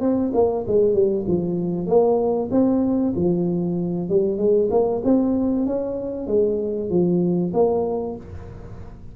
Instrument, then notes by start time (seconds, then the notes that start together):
tuba
0.00 C4
0.33 A#3
0.66 G#3
0.93 G3
1.27 F3
1.86 A#3
2.51 C4
3.16 F3
4.09 G3
4.37 G#3
4.70 A#3
5.04 C4
5.66 C#4
6.27 G#3
6.89 F3
7.53 A#3